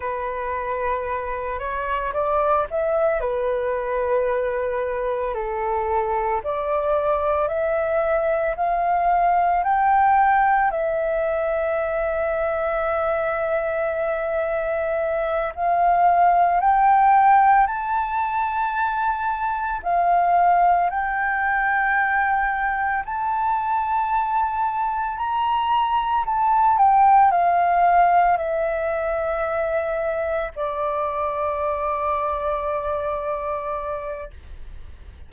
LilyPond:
\new Staff \with { instrumentName = "flute" } { \time 4/4 \tempo 4 = 56 b'4. cis''8 d''8 e''8 b'4~ | b'4 a'4 d''4 e''4 | f''4 g''4 e''2~ | e''2~ e''8 f''4 g''8~ |
g''8 a''2 f''4 g''8~ | g''4. a''2 ais''8~ | ais''8 a''8 g''8 f''4 e''4.~ | e''8 d''2.~ d''8 | }